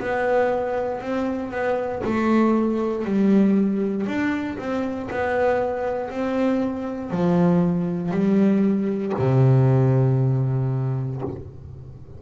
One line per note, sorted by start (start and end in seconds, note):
0.00 1.01 B3
1.01 1.52 C4
1.52 2.02 B3
2.05 3.06 A3
3.06 4.07 G3
4.07 4.58 D4
4.59 5.09 C4
5.11 6.11 B3
6.11 7.11 C4
7.11 8.12 F3
8.12 9.13 G3
9.19 11.22 C3